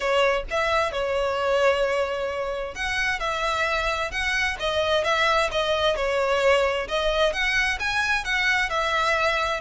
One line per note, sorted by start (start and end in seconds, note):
0.00 0.43 C#5
0.50 0.92 E5
0.92 2.74 C#5
2.74 3.19 F#5
3.19 4.11 E5
4.11 4.57 F#5
4.59 5.04 D#5
5.04 5.50 E5
5.51 5.96 D#5
5.96 6.87 C#5
6.88 7.32 D#5
7.32 7.78 F#5
7.79 8.24 G#5
8.24 8.69 F#5
8.69 9.60 E5